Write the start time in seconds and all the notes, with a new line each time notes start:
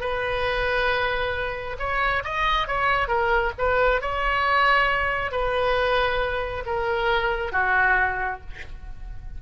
0.00 B4
1.79 C#5
2.24 D#5
2.67 C#5
3.07 A#4
3.58 B4
4.01 C#5
5.31 B4
6.65 A#4
7.52 F#4